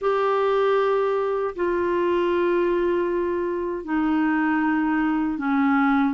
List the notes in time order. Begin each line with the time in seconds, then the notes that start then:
0.01 G4
1.55 F4
3.84 D#4
5.38 C#4